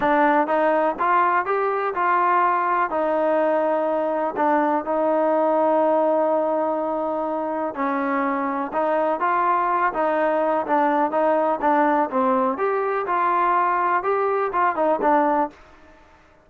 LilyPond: \new Staff \with { instrumentName = "trombone" } { \time 4/4 \tempo 4 = 124 d'4 dis'4 f'4 g'4 | f'2 dis'2~ | dis'4 d'4 dis'2~ | dis'1 |
cis'2 dis'4 f'4~ | f'8 dis'4. d'4 dis'4 | d'4 c'4 g'4 f'4~ | f'4 g'4 f'8 dis'8 d'4 | }